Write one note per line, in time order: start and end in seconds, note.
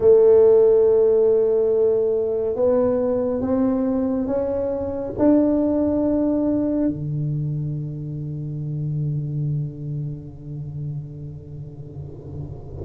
0.00 2.55 A3
2.55 3.41 B3
3.41 4.26 C4
4.26 5.12 C#4
5.18 6.88 D4
6.88 12.85 D3